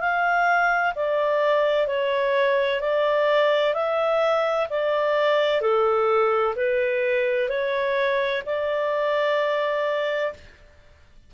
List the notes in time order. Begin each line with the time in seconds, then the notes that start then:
0.00 F5
0.95 D5
1.87 C#5
2.81 D5
3.74 E5
4.70 D5
5.61 A4
6.56 B4
7.49 C#5
8.46 D5